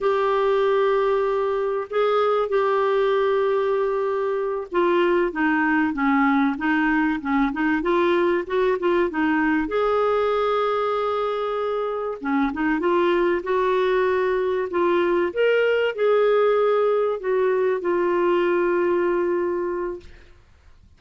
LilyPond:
\new Staff \with { instrumentName = "clarinet" } { \time 4/4 \tempo 4 = 96 g'2. gis'4 | g'2.~ g'8 f'8~ | f'8 dis'4 cis'4 dis'4 cis'8 | dis'8 f'4 fis'8 f'8 dis'4 gis'8~ |
gis'2.~ gis'8 cis'8 | dis'8 f'4 fis'2 f'8~ | f'8 ais'4 gis'2 fis'8~ | fis'8 f'2.~ f'8 | }